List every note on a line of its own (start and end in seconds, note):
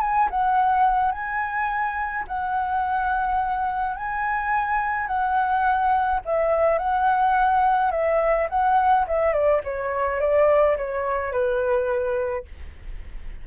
0.00 0.28 G#5
0.30 1.11 F#5
1.11 2.24 G#5
2.27 3.96 F#5
3.96 5.07 G#5
5.07 6.20 F#5
6.25 6.78 E5
6.78 7.91 F#5
7.91 8.48 E5
8.49 9.06 F#5
9.07 9.32 E5
9.32 9.61 D5
9.64 10.20 C#5
10.20 10.76 D5
10.77 11.32 C#5
11.32 12.45 B4